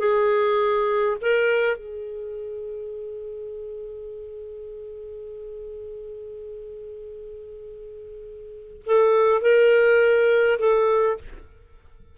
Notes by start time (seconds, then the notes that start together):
0.00 G#4
1.22 A#4
1.77 G#4
8.87 A4
9.42 A#4
10.60 A4